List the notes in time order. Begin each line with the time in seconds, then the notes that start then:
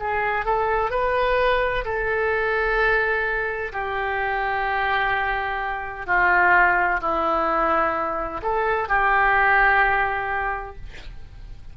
0.00 G#4
0.46 A4
0.91 B4
1.85 A4
3.73 G4
6.07 F4
7.01 E4
8.43 A4
8.89 G4